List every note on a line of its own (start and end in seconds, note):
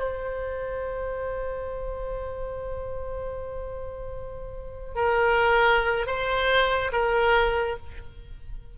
0.00 4.95 C5
4.95 6.07 A#4
6.07 6.92 C5
6.92 7.77 A#4